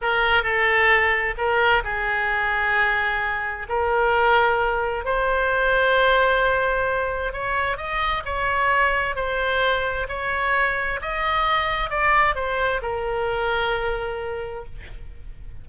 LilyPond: \new Staff \with { instrumentName = "oboe" } { \time 4/4 \tempo 4 = 131 ais'4 a'2 ais'4 | gis'1 | ais'2. c''4~ | c''1 |
cis''4 dis''4 cis''2 | c''2 cis''2 | dis''2 d''4 c''4 | ais'1 | }